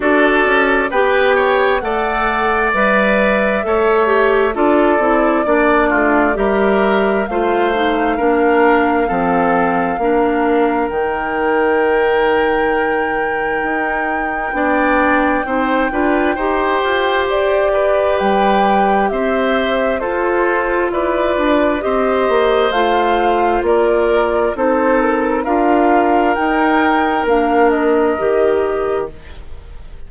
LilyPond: <<
  \new Staff \with { instrumentName = "flute" } { \time 4/4 \tempo 4 = 66 d''4 g''4 fis''4 e''4~ | e''4 d''2 e''4 | f''1 | g''1~ |
g''2. d''4 | g''4 e''4 c''4 d''4 | dis''4 f''4 d''4 c''8 ais'8 | f''4 g''4 f''8 dis''4. | }
  \new Staff \with { instrumentName = "oboe" } { \time 4/4 a'4 b'8 cis''8 d''2 | cis''4 a'4 d''8 f'8 ais'4 | c''4 ais'4 a'4 ais'4~ | ais'1 |
d''4 c''8 b'8 c''4. b'8~ | b'4 c''4 a'4 b'4 | c''2 ais'4 a'4 | ais'1 | }
  \new Staff \with { instrumentName = "clarinet" } { \time 4/4 fis'4 g'4 a'4 b'4 | a'8 g'8 f'8 e'8 d'4 g'4 | f'8 dis'8 d'4 c'4 d'4 | dis'1 |
d'4 dis'8 f'8 g'2~ | g'2 f'2 | g'4 f'2 dis'4 | f'4 dis'4 d'4 g'4 | }
  \new Staff \with { instrumentName = "bassoon" } { \time 4/4 d'8 cis'8 b4 a4 g4 | a4 d'8 c'8 ais8 a8 g4 | a4 ais4 f4 ais4 | dis2. dis'4 |
b4 c'8 d'8 dis'8 f'8 g'4 | g4 c'4 f'4 e'8 d'8 | c'8 ais8 a4 ais4 c'4 | d'4 dis'4 ais4 dis4 | }
>>